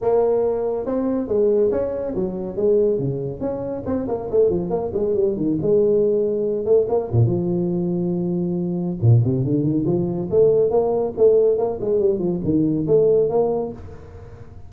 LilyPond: \new Staff \with { instrumentName = "tuba" } { \time 4/4 \tempo 4 = 140 ais2 c'4 gis4 | cis'4 fis4 gis4 cis4 | cis'4 c'8 ais8 a8 f8 ais8 gis8 | g8 dis8 gis2~ gis8 a8 |
ais8 ais,8 f2.~ | f4 ais,8 c8 d8 dis8 f4 | a4 ais4 a4 ais8 gis8 | g8 f8 dis4 a4 ais4 | }